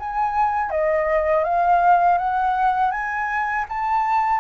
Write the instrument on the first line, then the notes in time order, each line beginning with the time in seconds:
flute
0.00 G#5
0.71 D#5
1.44 F5
2.19 F#5
2.91 G#5
3.69 A5